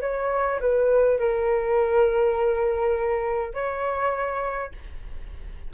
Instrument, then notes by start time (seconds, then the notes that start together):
flute
0.00 C#5
0.60 B4
1.19 A#4
3.53 C#5